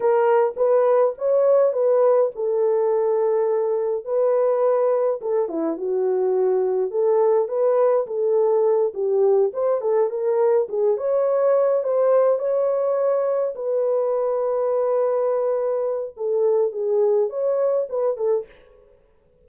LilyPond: \new Staff \with { instrumentName = "horn" } { \time 4/4 \tempo 4 = 104 ais'4 b'4 cis''4 b'4 | a'2. b'4~ | b'4 a'8 e'8 fis'2 | a'4 b'4 a'4. g'8~ |
g'8 c''8 a'8 ais'4 gis'8 cis''4~ | cis''8 c''4 cis''2 b'8~ | b'1 | a'4 gis'4 cis''4 b'8 a'8 | }